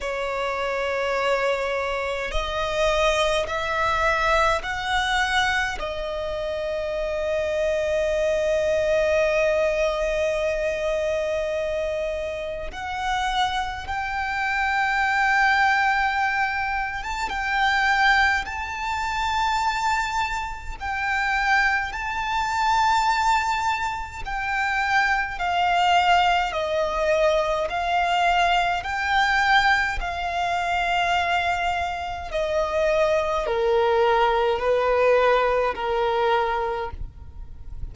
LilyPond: \new Staff \with { instrumentName = "violin" } { \time 4/4 \tempo 4 = 52 cis''2 dis''4 e''4 | fis''4 dis''2.~ | dis''2. fis''4 | g''2~ g''8. a''16 g''4 |
a''2 g''4 a''4~ | a''4 g''4 f''4 dis''4 | f''4 g''4 f''2 | dis''4 ais'4 b'4 ais'4 | }